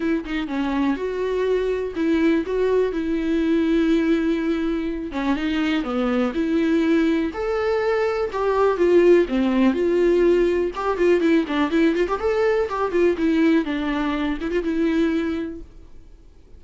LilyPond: \new Staff \with { instrumentName = "viola" } { \time 4/4 \tempo 4 = 123 e'8 dis'8 cis'4 fis'2 | e'4 fis'4 e'2~ | e'2~ e'8 cis'8 dis'4 | b4 e'2 a'4~ |
a'4 g'4 f'4 c'4 | f'2 g'8 f'8 e'8 d'8 | e'8 f'16 g'16 a'4 g'8 f'8 e'4 | d'4. e'16 f'16 e'2 | }